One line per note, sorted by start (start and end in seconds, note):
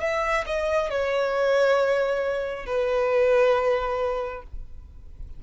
0.00 0.44 E5
0.46 0.89 D#5
0.89 2.66 C#5
2.66 4.42 B4